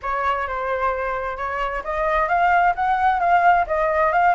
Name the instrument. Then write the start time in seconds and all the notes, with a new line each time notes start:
flute
0.02 C#5
0.47 C5
1.37 C#5
1.84 D#5
2.28 F5
2.75 F#5
3.20 F5
3.66 D#5
4.12 F5